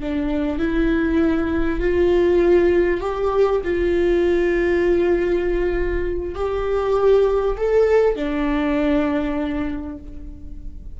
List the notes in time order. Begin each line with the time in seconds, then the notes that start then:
0.00 D4
0.59 E4
1.80 F4
3.01 G4
3.64 F4
6.35 G4
7.57 A4
8.16 D4